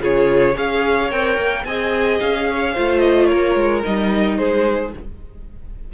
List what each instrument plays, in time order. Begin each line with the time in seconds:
0.00 cello C#3, viola F4, violin G#4 C#5
0.55 cello C#4, viola G#4, violin C#5 F5
1.10 cello C4, viola A#4, violin G5
1.37 cello A#3
1.65 cello C4, viola G#4, violin D#5 G#5
2.19 cello C#4, violin F5
2.50 violin C#5
2.73 cello A3, viola F4, violin C5
2.99 violin D#5
3.26 violin A#4 C#5
3.32 cello A#3
3.55 cello G#3
3.83 cello G3, viola D#4, violin D#5
4.37 cello G#3, violin G#4 C5